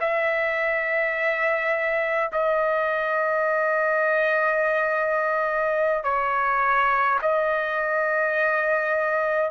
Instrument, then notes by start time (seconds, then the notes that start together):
trumpet
0.00 E5
2.32 D#5
6.03 C#5
7.21 D#5